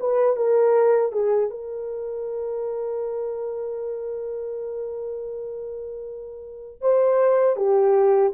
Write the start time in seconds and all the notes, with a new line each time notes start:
0.00 B4
0.37 A#4
1.12 G#4
1.50 A#4
6.81 C5
7.56 G4